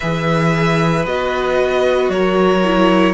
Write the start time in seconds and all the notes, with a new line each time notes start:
0.00 E3 G#4 B4 E5
1.05 B3 F#4 D#5
2.09 F#3 A#4 C#5
2.64 E4